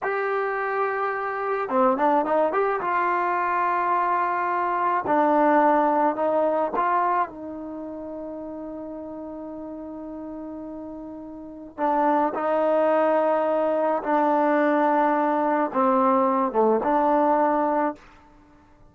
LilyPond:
\new Staff \with { instrumentName = "trombone" } { \time 4/4 \tempo 4 = 107 g'2. c'8 d'8 | dis'8 g'8 f'2.~ | f'4 d'2 dis'4 | f'4 dis'2.~ |
dis'1~ | dis'4 d'4 dis'2~ | dis'4 d'2. | c'4. a8 d'2 | }